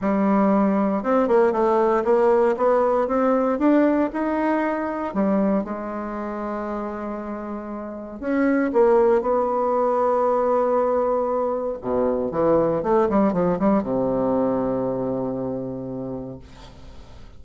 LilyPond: \new Staff \with { instrumentName = "bassoon" } { \time 4/4 \tempo 4 = 117 g2 c'8 ais8 a4 | ais4 b4 c'4 d'4 | dis'2 g4 gis4~ | gis1 |
cis'4 ais4 b2~ | b2. b,4 | e4 a8 g8 f8 g8 c4~ | c1 | }